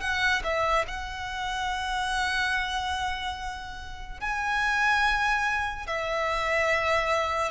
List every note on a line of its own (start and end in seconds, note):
0.00 0.42 F#5
0.43 0.85 E5
0.87 4.20 F#5
4.20 5.86 G#5
5.86 7.51 E5